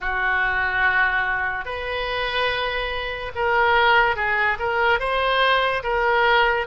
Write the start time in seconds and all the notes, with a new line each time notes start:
0.00 F#4
1.65 B4
3.35 A#4
4.16 G#4
4.59 A#4
4.99 C5
5.83 A#4